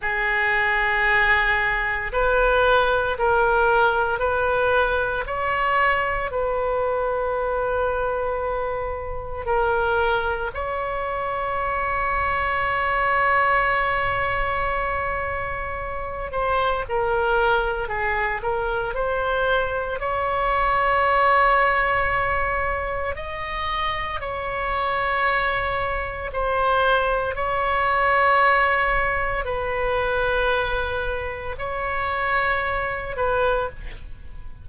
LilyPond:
\new Staff \with { instrumentName = "oboe" } { \time 4/4 \tempo 4 = 57 gis'2 b'4 ais'4 | b'4 cis''4 b'2~ | b'4 ais'4 cis''2~ | cis''2.~ cis''8 c''8 |
ais'4 gis'8 ais'8 c''4 cis''4~ | cis''2 dis''4 cis''4~ | cis''4 c''4 cis''2 | b'2 cis''4. b'8 | }